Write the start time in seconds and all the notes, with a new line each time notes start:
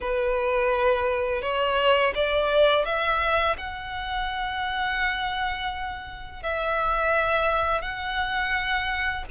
0.00 B4
1.42 C#5
2.14 D5
2.85 E5
3.57 F#5
6.42 E5
7.81 F#5